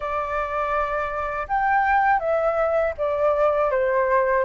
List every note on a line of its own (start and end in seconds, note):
0.00 1.46 D5
1.47 2.19 G5
2.19 2.93 E5
2.97 3.70 D5
3.70 4.44 C5